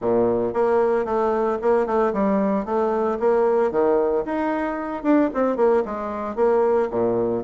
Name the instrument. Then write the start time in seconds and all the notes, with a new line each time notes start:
bassoon
0.01 A#2
0.53 A#3
1.05 A3
1.61 A#3
1.86 A3
2.13 G3
2.65 A3
3.19 A#3
3.71 D#3
4.25 D#4
5.03 D4
5.34 C4
5.56 A#3
5.85 G#3
6.35 A#3
6.90 A#2